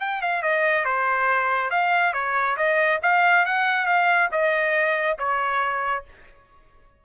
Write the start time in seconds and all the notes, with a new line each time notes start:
0.00 G5
0.22 F5
0.42 D#5
0.85 C5
1.71 F5
2.13 C#5
2.57 D#5
3.03 F5
3.46 F#5
3.86 F5
4.32 D#5
5.18 C#5